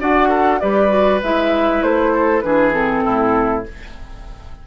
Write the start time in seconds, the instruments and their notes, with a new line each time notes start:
0.00 bassoon D4, clarinet F#4, oboe D5, flute F#5
0.29 oboe A4
0.60 bassoon G3, clarinet G4, oboe B4, flute D5
0.89 clarinet F#4
1.23 bassoon G#3, clarinet E4, flute E5
1.83 bassoon A3, flute C5
2.13 oboe A4
2.41 bassoon E3, clarinet D4, oboe G#4, flute B4
2.72 clarinet C4, flute A4
3.04 bassoon A2, oboe E4